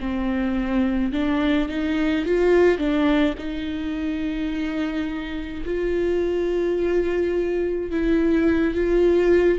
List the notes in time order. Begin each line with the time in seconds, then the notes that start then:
0.00 C4
1.13 D4
1.69 D#4
2.25 F4
2.78 D4
3.38 D#4
5.65 F4
7.91 E4
8.75 F4